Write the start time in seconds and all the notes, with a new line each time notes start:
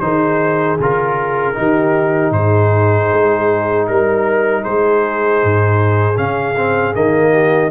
0.00 D#3 D#4 G#4 C5
0.79 C#3 F4 A#4
1.54 D#3 D#4 G4
2.31 G#2 G#4 C5
3.12 G#3
3.87 G3 A#4
4.63 G#3 G#4 C5
5.43 G#2
6.16 C#3 C#4 F5
6.57 C4
6.94 D#3 A#3 D#5
7.32 G4